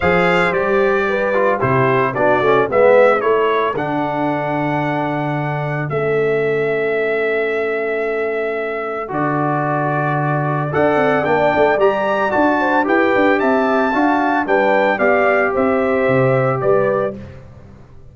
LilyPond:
<<
  \new Staff \with { instrumentName = "trumpet" } { \time 4/4 \tempo 4 = 112 f''4 d''2 c''4 | d''4 e''4 cis''4 fis''4~ | fis''2. e''4~ | e''1~ |
e''4 d''2. | fis''4 g''4 ais''4 a''4 | g''4 a''2 g''4 | f''4 e''2 d''4 | }
  \new Staff \with { instrumentName = "horn" } { \time 4/4 c''2 b'4 g'4 | fis'4 b'4 a'2~ | a'1~ | a'1~ |
a'1 | d''2.~ d''8 c''8 | b'4 e''4 f''4 b'4 | d''4 c''2 b'4 | }
  \new Staff \with { instrumentName = "trombone" } { \time 4/4 gis'4 g'4. f'8 e'4 | d'8 cis'8 b4 e'4 d'4~ | d'2. cis'4~ | cis'1~ |
cis'4 fis'2. | a'4 d'4 g'4 fis'4 | g'2 fis'4 d'4 | g'1 | }
  \new Staff \with { instrumentName = "tuba" } { \time 4/4 f4 g2 c4 | b8 a8 gis4 a4 d4~ | d2. a4~ | a1~ |
a4 d2. | d'8 c'8 ais8 a8 g4 d'4 | e'8 d'8 c'4 d'4 g4 | b4 c'4 c4 g4 | }
>>